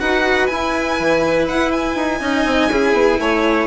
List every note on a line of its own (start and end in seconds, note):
0.00 0.50 D#4
0.00 0.49 F#4
0.00 2.22 B4
0.00 0.47 F#5
0.47 2.21 E4
0.47 1.00 E4
0.47 1.46 G#5
1.00 1.49 E3
1.49 1.96 E4
1.49 1.72 F#5
1.72 3.68 G#5
1.96 2.21 D#4
2.21 2.45 C#4
2.21 2.70 D#4
2.21 2.72 D#5
2.46 2.70 C4
2.70 2.94 C#4
2.70 3.68 E4
2.70 3.21 G#4
2.94 3.18 B3
3.20 3.68 A3
3.20 3.68 C#5